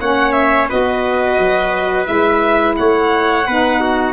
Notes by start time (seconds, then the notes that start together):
0.00 A#3 C#4 C#5 F#5
0.32 E5
0.69 B3 F#4 B4 D#5
1.38 F#3
2.05 G#3 E4 E5
2.76 A3 C#5 F#5
3.46 B3 D#4 B4
3.80 F#4